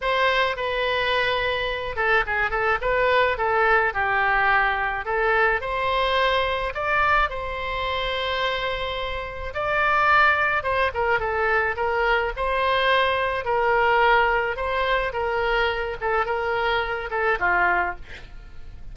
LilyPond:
\new Staff \with { instrumentName = "oboe" } { \time 4/4 \tempo 4 = 107 c''4 b'2~ b'8 a'8 | gis'8 a'8 b'4 a'4 g'4~ | g'4 a'4 c''2 | d''4 c''2.~ |
c''4 d''2 c''8 ais'8 | a'4 ais'4 c''2 | ais'2 c''4 ais'4~ | ais'8 a'8 ais'4. a'8 f'4 | }